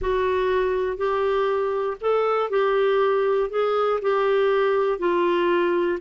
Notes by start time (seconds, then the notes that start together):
0.01 F#4
0.97 G4
2.00 A4
2.50 G4
3.50 G#4
4.01 G4
4.99 F4